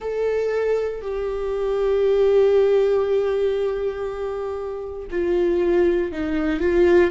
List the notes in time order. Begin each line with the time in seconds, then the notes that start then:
0.00 A4
1.01 G4
5.11 F4
6.12 D#4
6.60 F4